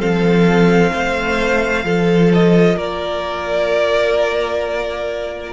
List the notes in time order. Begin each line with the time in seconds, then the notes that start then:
0.00 F3 C4 A4 F5
0.93 A3 C5
1.84 F3 F4 A4
2.34 D#5
2.77 A#3 A#4 D5